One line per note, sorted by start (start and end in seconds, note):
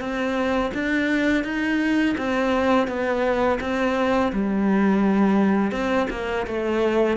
0.00 0.71 C4
0.74 1.44 D4
1.44 2.16 D#4
2.18 2.88 C4
2.88 3.59 B3
3.61 4.32 C4
4.33 5.72 G3
5.72 6.07 C4
6.11 6.46 A#3
6.47 7.17 A3